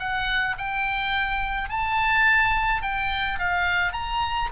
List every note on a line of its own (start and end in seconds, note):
0.00 0.57 F#5
0.58 1.70 G5
1.70 2.83 A5
2.83 3.39 G5
3.40 3.93 F5
3.93 4.49 A#5